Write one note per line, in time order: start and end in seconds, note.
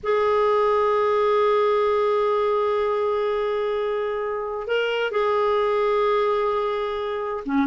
0.03 4.67 G#4
4.67 5.11 A#4
5.11 7.43 G#4
7.45 7.66 C#4